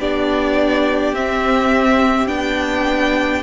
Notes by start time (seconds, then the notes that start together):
0.00 B3 D4 G4 D5
1.13 C4 E5
2.28 B3 D4 G5